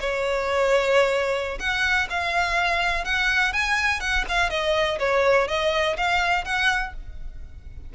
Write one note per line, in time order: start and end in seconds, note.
0.00 1.59 C#5
1.59 2.08 F#5
2.10 3.04 F5
3.04 3.53 F#5
3.53 4.00 G#5
4.00 4.25 F#5
4.28 4.50 F5
4.50 4.98 D#5
4.99 5.47 C#5
5.47 5.96 D#5
5.97 6.44 F5
6.44 6.93 F#5